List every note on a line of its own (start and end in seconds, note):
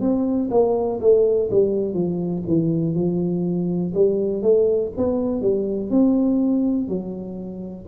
0.00 0.49 C4
0.50 0.99 A#3
1.00 1.49 A3
1.50 1.94 G3
1.94 2.43 F3
2.47 2.95 E3
2.95 3.93 F3
3.94 4.42 G3
4.42 4.91 A3
4.97 5.41 B3
5.41 5.90 G3
5.90 6.88 C4
6.88 7.86 F#3